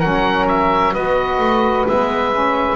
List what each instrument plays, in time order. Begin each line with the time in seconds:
0.00 double bass F#3, saxophone C#4, flute A#4, oboe F#5
0.48 oboe E5
0.93 double bass B3, saxophone F#4, flute B4, oboe D#5
1.39 double bass A3
1.88 double bass G#3, saxophone B3, oboe E5
2.33 saxophone C#4